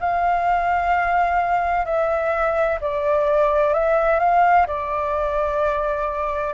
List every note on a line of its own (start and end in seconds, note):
0.00 1.85 F5
1.85 2.79 E5
2.81 3.73 D5
3.73 4.19 E5
4.19 4.66 F5
4.67 6.54 D5